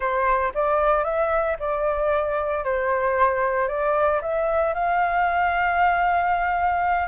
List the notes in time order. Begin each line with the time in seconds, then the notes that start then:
0.00 C5
0.54 D5
1.04 E5
1.59 D5
2.64 C5
3.68 D5
4.21 E5
4.73 F5